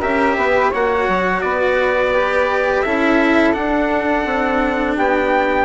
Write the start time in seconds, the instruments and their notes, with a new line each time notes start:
0.00 bassoon C#4, cello G4, flute A#4, trumpet E5
0.36 bassoon B3, flute B4
0.70 bassoon A#3, cello F#4, flute C#5, trumpet F#5
1.08 bassoon F#3
1.41 bassoon B3, flute B4, trumpet D5
2.14 cello G4
2.81 bassoon C#4, cello E4, flute A4, trumpet E5
3.53 cello D4, bassoon D4, trumpet F#5
4.25 bassoon C4
4.96 bassoon B3, flute G4, trumpet G5